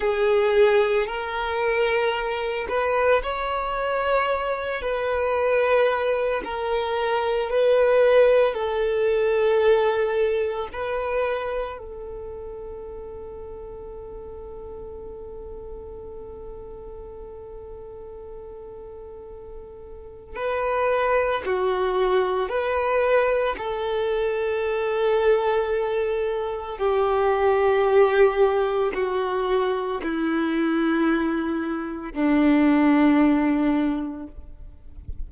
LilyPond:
\new Staff \with { instrumentName = "violin" } { \time 4/4 \tempo 4 = 56 gis'4 ais'4. b'8 cis''4~ | cis''8 b'4. ais'4 b'4 | a'2 b'4 a'4~ | a'1~ |
a'2. b'4 | fis'4 b'4 a'2~ | a'4 g'2 fis'4 | e'2 d'2 | }